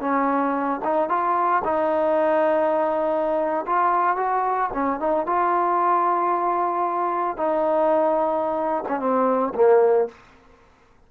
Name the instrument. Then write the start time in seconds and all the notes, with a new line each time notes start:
trombone
0.00 C#4
0.84 D#4
1.09 F4
1.64 D#4
3.66 F4
4.16 F#4
4.73 C#4
5.00 D#4
5.26 F4
7.37 D#4
8.88 C#4
9.00 C4
9.55 A#3